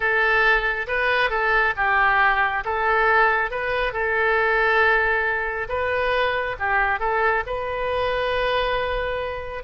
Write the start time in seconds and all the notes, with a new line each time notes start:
0.00 A4
0.87 B4
1.30 A4
1.76 G4
2.64 A4
3.50 B4
3.92 A4
5.68 B4
6.59 G4
6.99 A4
7.46 B4